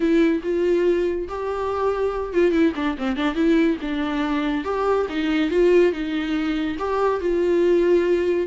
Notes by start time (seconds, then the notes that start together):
0.00 E4
0.43 F4
1.28 G4
2.33 F4
2.51 E4
2.75 D4
2.98 C4
3.16 D4
3.34 E4
3.81 D4
4.64 G4
5.09 D#4
5.50 F4
5.92 D#4
6.78 G4
7.20 F4